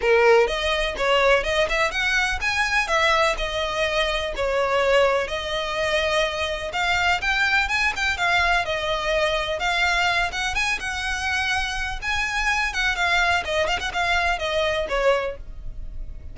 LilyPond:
\new Staff \with { instrumentName = "violin" } { \time 4/4 \tempo 4 = 125 ais'4 dis''4 cis''4 dis''8 e''8 | fis''4 gis''4 e''4 dis''4~ | dis''4 cis''2 dis''4~ | dis''2 f''4 g''4 |
gis''8 g''8 f''4 dis''2 | f''4. fis''8 gis''8 fis''4.~ | fis''4 gis''4. fis''8 f''4 | dis''8 f''16 fis''16 f''4 dis''4 cis''4 | }